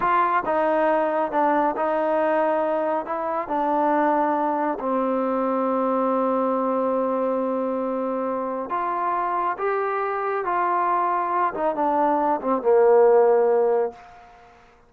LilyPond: \new Staff \with { instrumentName = "trombone" } { \time 4/4 \tempo 4 = 138 f'4 dis'2 d'4 | dis'2. e'4 | d'2. c'4~ | c'1~ |
c'1 | f'2 g'2 | f'2~ f'8 dis'8 d'4~ | d'8 c'8 ais2. | }